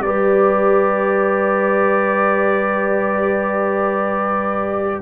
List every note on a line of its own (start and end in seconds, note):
0.00 5.00 G3
0.00 5.02 G4
0.00 5.02 B4
0.00 5.02 D5